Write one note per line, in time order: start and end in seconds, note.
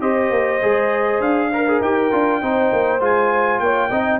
0.00 0.30 C4
0.00 0.60 G4
0.00 1.50 C5
0.00 1.21 D#5
0.30 0.60 A#3
0.62 1.20 G#3
0.62 1.52 G#4
1.20 1.80 D4
1.20 1.81 F5
1.52 1.67 A#4
1.52 2.42 A#4
1.68 1.83 G#4
1.80 2.10 D#4
1.80 2.12 G4
1.80 3.02 G5
2.12 2.42 D4
2.12 2.42 F4
2.42 2.72 C4
2.42 3.00 D#4
2.42 3.62 C5
2.72 3.00 A#3
3.00 3.60 G#3
3.00 3.90 F4
3.00 3.59 G#5
3.59 3.90 A#3
3.59 3.90 C#5
3.59 4.19 G5
3.90 4.19 C4
3.90 4.19 D#4
3.90 4.19 D#5